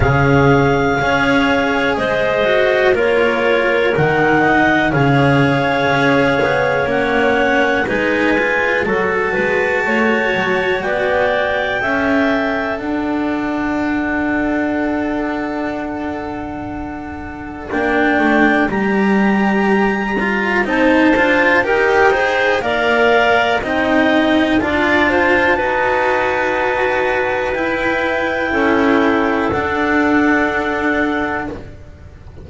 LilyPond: <<
  \new Staff \with { instrumentName = "clarinet" } { \time 4/4 \tempo 4 = 61 f''2 dis''4 cis''4 | fis''4 f''2 fis''4 | gis''4 a''2 g''4~ | g''4 fis''2.~ |
fis''2 g''4 ais''4~ | ais''4 a''4 g''4 f''4 | g''4 a''2. | g''2 fis''2 | }
  \new Staff \with { instrumentName = "clarinet" } { \time 4/4 gis'4 cis''4 c''4 ais'4~ | ais'8 dis''8 cis''2. | b'4 a'8 b'8 cis''4 d''4 | e''4 d''2.~ |
d''1~ | d''4 c''4 ais'8 c''8 d''4 | dis''4 d''8 c''8 b'2~ | b'4 a'2. | }
  \new Staff \with { instrumentName = "cello" } { \time 4/4 cis'4 gis'4. fis'8 f'4 | dis'4 gis'2 cis'4 | dis'8 f'8 fis'2. | a'1~ |
a'2 d'4 g'4~ | g'8 f'8 dis'8 f'8 g'8 gis'8 ais'4 | dis'4 f'4 fis'2 | e'2 d'2 | }
  \new Staff \with { instrumentName = "double bass" } { \time 4/4 cis4 cis'4 gis4 ais4 | dis4 cis4 cis'8 b8 ais4 | gis4 fis8 gis8 a8 fis8 b4 | cis'4 d'2.~ |
d'2 ais8 a8 g4~ | g4 c'8 d'8 dis'4 ais4 | c'4 d'4 dis'2 | e'4 cis'4 d'2 | }
>>